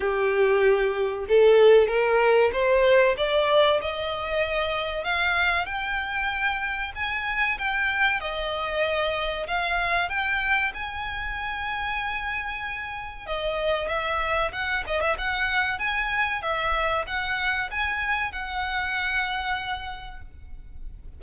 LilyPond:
\new Staff \with { instrumentName = "violin" } { \time 4/4 \tempo 4 = 95 g'2 a'4 ais'4 | c''4 d''4 dis''2 | f''4 g''2 gis''4 | g''4 dis''2 f''4 |
g''4 gis''2.~ | gis''4 dis''4 e''4 fis''8 dis''16 e''16 | fis''4 gis''4 e''4 fis''4 | gis''4 fis''2. | }